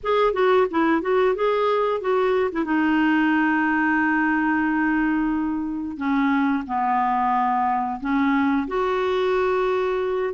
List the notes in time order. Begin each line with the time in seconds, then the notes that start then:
0.03 G#4
0.33 F#4
0.70 E4
1.02 F#4
1.35 G#4
2.01 F#4
2.52 E4
2.64 D#4
5.97 C#4
6.66 B3
8.00 C#4
8.67 F#4